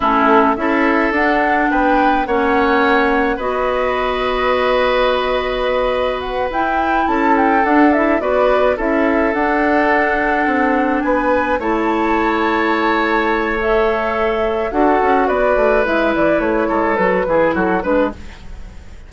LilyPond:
<<
  \new Staff \with { instrumentName = "flute" } { \time 4/4 \tempo 4 = 106 a'4 e''4 fis''4 g''4 | fis''2 dis''2~ | dis''2. fis''8 g''8~ | g''8 a''8 g''8 fis''8 e''8 d''4 e''8~ |
e''8 fis''2. gis''8~ | gis''8 a''2.~ a''8 | e''2 fis''4 d''4 | e''8 d''8 cis''4 b'4 a'8 b'8 | }
  \new Staff \with { instrumentName = "oboe" } { \time 4/4 e'4 a'2 b'4 | cis''2 b'2~ | b'1~ | b'8 a'2 b'4 a'8~ |
a'2.~ a'8 b'8~ | b'8 cis''2.~ cis''8~ | cis''2 a'4 b'4~ | b'4. a'4 gis'8 fis'8 b'8 | }
  \new Staff \with { instrumentName = "clarinet" } { \time 4/4 cis'4 e'4 d'2 | cis'2 fis'2~ | fis'2.~ fis'8 e'8~ | e'4. d'8 e'8 fis'4 e'8~ |
e'8 d'2.~ d'8~ | d'8 e'2.~ e'8 | a'2 fis'2 | e'2 fis'8 e'4 d'8 | }
  \new Staff \with { instrumentName = "bassoon" } { \time 4/4 a4 cis'4 d'4 b4 | ais2 b2~ | b2.~ b8 e'8~ | e'8 cis'4 d'4 b4 cis'8~ |
cis'8 d'2 c'4 b8~ | b8 a2.~ a8~ | a2 d'8 cis'8 b8 a8 | gis8 e8 a8 gis8 fis8 e8 fis8 gis8 | }
>>